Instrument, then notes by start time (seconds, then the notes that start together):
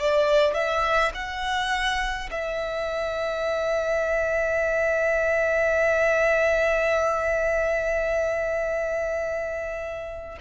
violin
0.00 D5
0.55 E5
1.15 F#5
2.31 E5